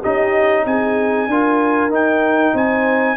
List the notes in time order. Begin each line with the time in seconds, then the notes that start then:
0.00 C#4 D#4 G4 D#5
0.65 C4 G#4 G#5
1.27 D4 F4 A#4
1.89 D#4 G5
2.53 C4 C5 G#5